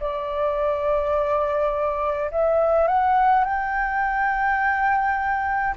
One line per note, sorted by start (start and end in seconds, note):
0.00 2.31 D5
2.31 2.88 E5
2.88 3.45 F#5
3.45 5.75 G5